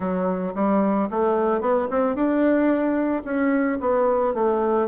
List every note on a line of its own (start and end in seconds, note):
0.00 0.53 F#3
0.54 1.08 G3
1.10 1.60 A3
1.60 1.87 B3
1.90 2.15 C4
2.15 3.23 D4
3.24 3.78 C#4
3.80 4.33 B3
4.33 4.87 A3